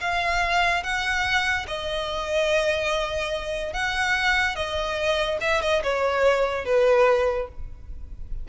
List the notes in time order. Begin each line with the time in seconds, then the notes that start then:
0.00 F5
0.83 F#5
1.67 D#5
3.73 F#5
4.55 D#5
5.40 E5
5.61 D#5
5.83 C#5
6.65 B4